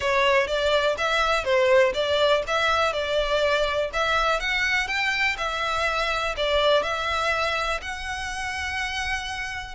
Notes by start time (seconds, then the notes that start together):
0.00 C#5
0.47 D5
0.97 E5
1.44 C5
1.94 D5
2.47 E5
2.92 D5
3.93 E5
4.40 F#5
4.87 G5
5.37 E5
6.36 D5
6.82 E5
7.81 F#5